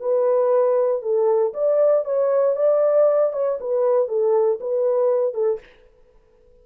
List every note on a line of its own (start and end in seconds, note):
0.00 1.02 B4
1.02 1.53 A4
1.54 2.05 D5
2.05 2.56 C#5
2.56 3.33 D5
3.33 3.59 C#5
3.61 4.08 B4
4.08 4.60 A4
4.61 5.34 B4
5.34 5.60 A4